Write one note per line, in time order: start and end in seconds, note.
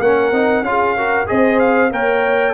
0.00 0.31 A#3
0.00 0.33 C#4
0.00 0.64 A#4
0.00 0.64 F#5
0.31 0.61 C4
0.31 0.64 D#4
0.61 1.25 C#4
0.61 0.96 F4
0.61 1.27 F5
0.68 0.97 G#4
0.97 1.26 F#4
0.97 1.29 A#4
1.26 1.91 C4
1.26 1.90 G#4
1.26 1.92 C5
1.26 1.59 D#5
1.59 1.91 F5
1.91 2.53 A#3
1.91 2.53 A#4
1.91 2.53 C#5
1.91 2.53 G5